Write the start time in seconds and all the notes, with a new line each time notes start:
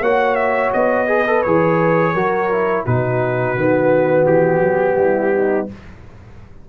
0.00 A#3 F#4 C#5 F#5
0.35 E5
0.72 B3 D#5
1.07 G#4 B4
1.26 A4
1.42 E3 G#4 C#5
2.13 F#3 F#4 A#4
2.51 E4
2.85 B2 D#4 F#4 B4
3.55 D#3 B3
4.25 E3 G4
4.60 F#3
4.95 G3 E4
5.34 D#4